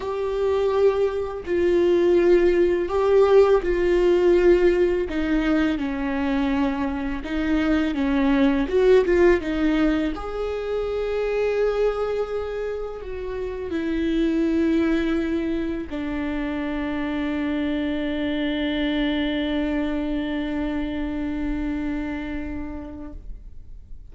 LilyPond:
\new Staff \with { instrumentName = "viola" } { \time 4/4 \tempo 4 = 83 g'2 f'2 | g'4 f'2 dis'4 | cis'2 dis'4 cis'4 | fis'8 f'8 dis'4 gis'2~ |
gis'2 fis'4 e'4~ | e'2 d'2~ | d'1~ | d'1 | }